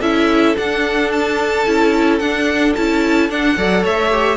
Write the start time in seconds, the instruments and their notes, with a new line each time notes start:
0.00 cello C#4, viola E4, violin A4 E5
0.56 viola D4, cello D4, violin F#5
1.12 violin A5
1.66 cello C#4, viola E4
2.19 cello D4, viola D4, violin F#5
2.76 cello C#4, viola E4, violin A5
3.30 cello D4, viola D4, violin F#5
3.57 cello F#3, viola A4, violin D5
3.83 cello A3, violin C#5 E5
4.11 viola G4